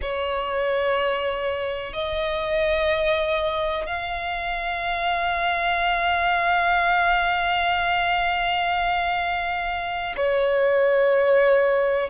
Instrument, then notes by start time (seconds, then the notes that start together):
violin
0.01 C#5
1.93 D#5
3.86 F5
10.17 C#5